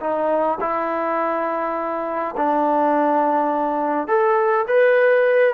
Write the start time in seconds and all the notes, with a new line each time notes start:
0.00 D#4
0.60 E4
2.36 D4
4.07 A4
4.67 B4